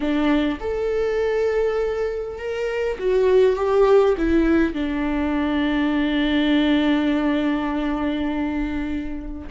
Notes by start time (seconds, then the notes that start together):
0.00 D4
0.60 A4
2.38 A#4
2.98 F#4
3.56 G4
4.17 E4
4.73 D4